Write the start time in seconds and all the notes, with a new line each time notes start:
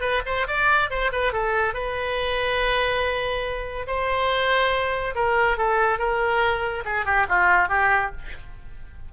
0.00 B4
0.26 C5
0.47 D5
0.90 C5
1.12 B4
1.32 A4
1.74 B4
3.87 C5
5.15 A#4
5.57 A4
5.98 A#4
6.85 G#4
7.05 G4
7.28 F4
7.68 G4